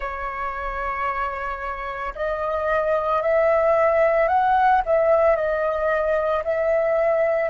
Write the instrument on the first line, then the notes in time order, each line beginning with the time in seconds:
flute
0.00 C#5
2.15 D#5
3.21 E5
4.28 F#5
4.85 E5
5.36 D#5
6.44 E5